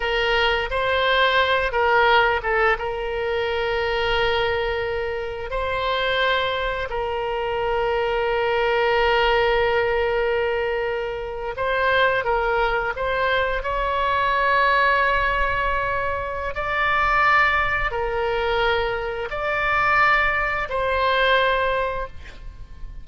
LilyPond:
\new Staff \with { instrumentName = "oboe" } { \time 4/4 \tempo 4 = 87 ais'4 c''4. ais'4 a'8 | ais'1 | c''2 ais'2~ | ais'1~ |
ais'8. c''4 ais'4 c''4 cis''16~ | cis''1 | d''2 ais'2 | d''2 c''2 | }